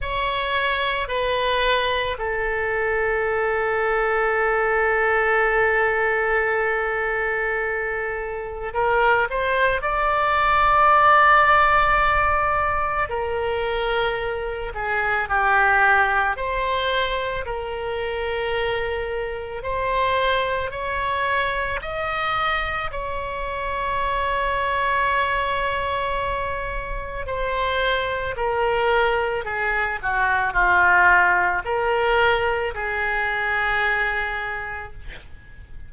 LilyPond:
\new Staff \with { instrumentName = "oboe" } { \time 4/4 \tempo 4 = 55 cis''4 b'4 a'2~ | a'1 | ais'8 c''8 d''2. | ais'4. gis'8 g'4 c''4 |
ais'2 c''4 cis''4 | dis''4 cis''2.~ | cis''4 c''4 ais'4 gis'8 fis'8 | f'4 ais'4 gis'2 | }